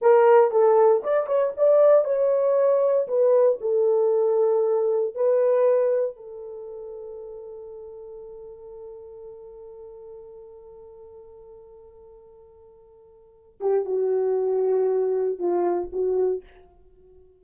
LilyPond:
\new Staff \with { instrumentName = "horn" } { \time 4/4 \tempo 4 = 117 ais'4 a'4 d''8 cis''8 d''4 | cis''2 b'4 a'4~ | a'2 b'2 | a'1~ |
a'1~ | a'1~ | a'2~ a'8 g'8 fis'4~ | fis'2 f'4 fis'4 | }